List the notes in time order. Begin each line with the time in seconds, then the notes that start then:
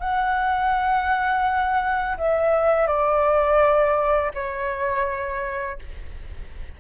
0.00 F#5
2.18 E5
2.87 D5
4.34 C#5